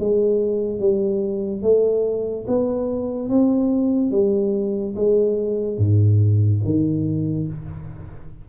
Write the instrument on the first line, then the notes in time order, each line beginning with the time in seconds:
tuba
0.00 G#3
0.80 G3
1.63 A3
2.48 B3
3.30 C4
4.12 G3
4.96 G#3
5.78 G#2
6.65 D#3